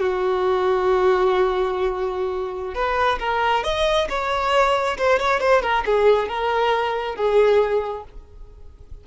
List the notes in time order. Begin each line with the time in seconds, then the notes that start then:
0.00 F#4
2.75 B4
3.20 A#4
3.64 D#5
4.09 C#5
4.98 C5
5.20 C#5
5.40 C5
5.62 A#4
5.86 G#4
6.29 A#4
7.16 G#4